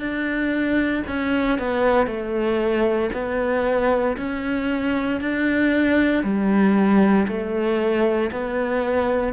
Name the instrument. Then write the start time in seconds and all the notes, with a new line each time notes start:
cello
0.00 D4
1.08 C#4
1.59 B3
2.07 A3
3.14 B3
4.18 C#4
5.21 D4
6.24 G3
7.28 A3
8.32 B3